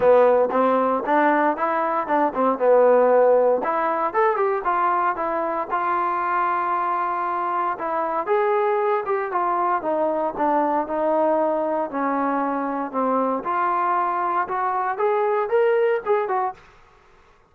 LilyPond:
\new Staff \with { instrumentName = "trombone" } { \time 4/4 \tempo 4 = 116 b4 c'4 d'4 e'4 | d'8 c'8 b2 e'4 | a'8 g'8 f'4 e'4 f'4~ | f'2. e'4 |
gis'4. g'8 f'4 dis'4 | d'4 dis'2 cis'4~ | cis'4 c'4 f'2 | fis'4 gis'4 ais'4 gis'8 fis'8 | }